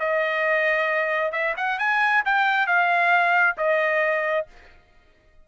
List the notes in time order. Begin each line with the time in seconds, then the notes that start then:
0.00 D#5
1.32 E5
1.58 F#5
1.79 G#5
2.26 G5
2.67 F5
3.58 D#5